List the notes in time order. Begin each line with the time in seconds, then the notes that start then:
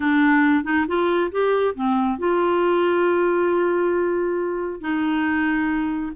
0.00 D4
0.64 D#4
0.87 F4
1.31 G4
1.74 C4
2.18 F4
4.81 D#4